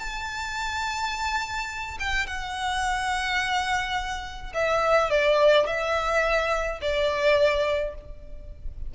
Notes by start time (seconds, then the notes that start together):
0.00 A5
2.00 G5
2.27 F#5
4.54 E5
5.11 D5
5.67 E5
6.82 D5